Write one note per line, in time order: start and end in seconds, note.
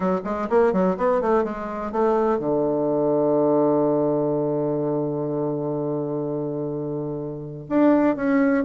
0.00 0.20 F#3
0.24 0.48 G#3
0.49 0.72 A#3
0.72 0.96 F#3
0.97 1.21 B3
1.21 1.44 A3
1.44 1.92 G#3
1.92 2.39 A3
2.39 7.67 D3
7.69 8.16 D4
8.16 8.64 C#4